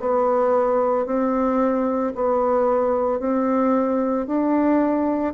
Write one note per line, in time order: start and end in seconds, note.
0.00 1.06 B3
1.06 2.13 C4
2.15 3.20 B3
3.20 4.27 C4
4.27 5.34 D4